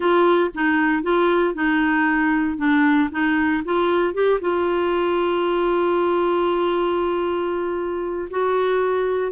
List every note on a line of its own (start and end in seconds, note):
0.00 0.50 F4
0.54 1.02 D#4
1.02 1.54 F4
1.54 2.57 D#4
2.57 3.09 D4
3.11 3.63 D#4
3.64 4.14 F4
4.14 4.39 G4
4.40 8.28 F4
8.30 9.32 F#4